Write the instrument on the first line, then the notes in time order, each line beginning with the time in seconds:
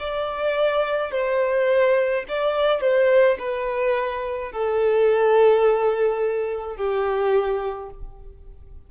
violin
0.00 D5
1.12 C5
2.29 D5
2.81 C5
3.39 B4
4.52 A4
6.77 G4